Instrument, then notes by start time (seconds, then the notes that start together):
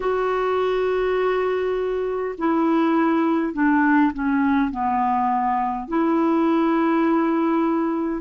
clarinet
0.00 F#4
2.37 E4
3.53 D4
4.13 C#4
4.71 B3
5.88 E4